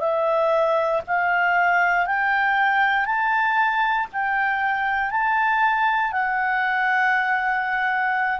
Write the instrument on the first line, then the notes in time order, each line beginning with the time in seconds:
clarinet
0.00 E5
1.07 F5
2.06 G5
3.06 A5
4.13 G5
5.11 A5
6.12 F#5